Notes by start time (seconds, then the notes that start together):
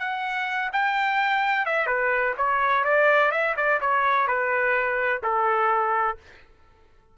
0.00 F#5
0.73 G5
1.66 E5
1.87 B4
2.38 C#5
2.85 D5
3.32 E5
3.57 D5
3.81 C#5
4.28 B4
5.24 A4